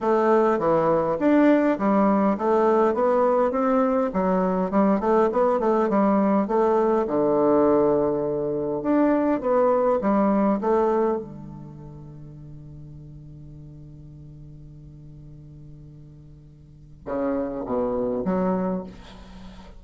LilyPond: \new Staff \with { instrumentName = "bassoon" } { \time 4/4 \tempo 4 = 102 a4 e4 d'4 g4 | a4 b4 c'4 fis4 | g8 a8 b8 a8 g4 a4 | d2. d'4 |
b4 g4 a4 d4~ | d1~ | d1~ | d4 cis4 b,4 fis4 | }